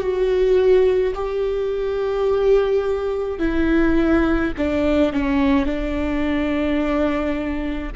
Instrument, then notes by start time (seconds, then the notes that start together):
viola
0.00 F#4
1.14 G4
3.39 E4
4.57 D4
5.12 C#4
5.66 D4